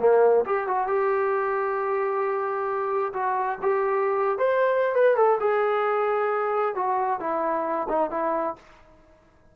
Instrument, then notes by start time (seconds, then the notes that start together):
trombone
0.00 A#3
0.46 G4
0.68 F#4
0.88 G4
3.14 F#4
3.62 G4
4.39 C5
4.95 B4
5.17 A4
5.40 G#4
6.75 F#4
7.20 E4
7.89 D#4
8.11 E4